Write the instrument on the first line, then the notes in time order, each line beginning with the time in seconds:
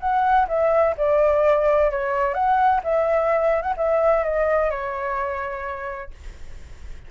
flute
0.00 F#5
0.48 E5
0.97 D5
1.91 C#5
2.34 F#5
2.84 E5
3.62 F#5
3.77 E5
4.24 D#5
4.70 C#5